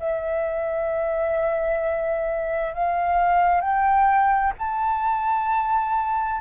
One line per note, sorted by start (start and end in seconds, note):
0.00 2.74 E5
2.74 3.61 F5
3.61 4.54 G5
4.59 6.42 A5